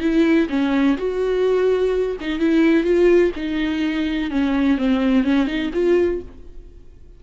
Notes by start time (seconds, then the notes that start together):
0.00 E4
0.49 C#4
0.97 F#4
2.20 D#4
2.39 E4
2.84 F4
3.36 D#4
4.31 C#4
4.78 C4
5.24 C#4
5.47 D#4
5.73 F4